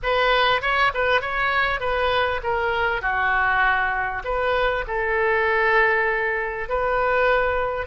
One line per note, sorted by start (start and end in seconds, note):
0.02 0.61 B4
0.61 0.91 C#5
0.93 1.21 B4
1.21 1.80 C#5
1.80 2.40 B4
2.43 3.01 A#4
3.01 4.22 F#4
4.24 4.85 B4
4.87 6.68 A4
6.68 7.86 B4